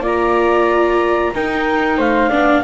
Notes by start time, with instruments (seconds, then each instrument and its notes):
0.00 double bass A#3, viola F4, flute D5
0.07 clarinet A#5
1.34 double bass D#4, viola D#4, flute A#4, clarinet G5
1.98 double bass A3, flute C5, clarinet F5
2.29 double bass B3, viola D4, flute D5